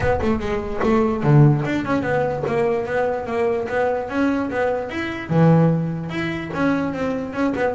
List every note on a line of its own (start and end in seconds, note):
0.00 0.19 B3
0.21 0.39 A3
0.39 0.80 G#3
0.83 1.23 A3
1.23 1.64 D3
1.65 1.84 D4
1.84 2.02 C#4
2.02 2.43 B3
2.47 2.85 A#3
2.85 3.26 B3
3.26 3.67 A#3
3.68 4.09 B3
4.09 4.50 C#4
4.50 4.89 B3
4.89 5.29 E4
5.29 6.09 E3
6.09 6.50 E4
6.53 6.93 C#4
6.93 7.33 C4
7.33 7.53 C#4
7.55 7.75 B3